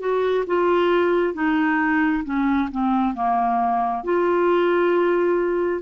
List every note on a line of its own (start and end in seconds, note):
0.00 0.45 F#4
0.46 1.34 F4
1.34 2.23 D#4
2.24 2.69 C#4
2.72 3.14 C4
3.14 4.03 A#3
4.04 5.82 F4